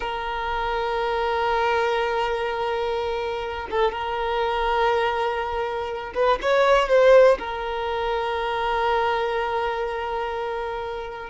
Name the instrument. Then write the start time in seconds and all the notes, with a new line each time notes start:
violin
0.00 A#4
3.70 A4
3.92 A#4
6.14 B4
6.41 C#5
6.89 C5
7.38 A#4